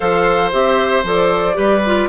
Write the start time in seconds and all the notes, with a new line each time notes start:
0.00 F3 A4 C5 F5
0.51 C4 G4 E5
1.03 F3 A4 D5
1.54 G3 G4 B4
1.85 F4